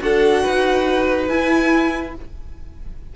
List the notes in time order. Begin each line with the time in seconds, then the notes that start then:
0.00 D4 F#4 A4 F#5
0.43 D#4 B4
1.28 E4 G#5